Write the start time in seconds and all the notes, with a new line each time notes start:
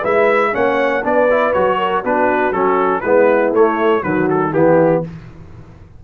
0.00 G#3 E4 B4 E5
0.52 A#3 C#4 C#5 F#5
1.03 B3 D4 B4 D5
1.30 E4
1.53 F#3 F#4 C#5
1.78 A#4
2.03 B3 D4 F#4 B4
2.51 F#3 C#4 A4
3.00 G#3 B3 E4 B4
3.51 A3 C#5
4.02 D#3 F#3 F#4 B4
4.29 A4
4.53 E3 B3 E4 G4